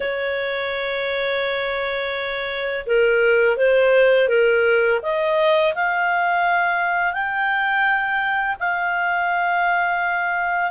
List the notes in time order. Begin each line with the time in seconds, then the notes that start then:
0.00 C#5
2.86 A#4
3.56 C5
4.28 A#4
5.02 D#5
5.74 F5
7.13 G5
8.59 F5